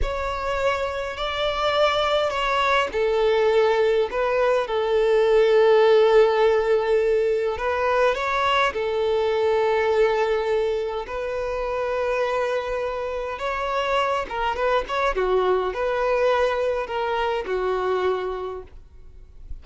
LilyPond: \new Staff \with { instrumentName = "violin" } { \time 4/4 \tempo 4 = 103 cis''2 d''2 | cis''4 a'2 b'4 | a'1~ | a'4 b'4 cis''4 a'4~ |
a'2. b'4~ | b'2. cis''4~ | cis''8 ais'8 b'8 cis''8 fis'4 b'4~ | b'4 ais'4 fis'2 | }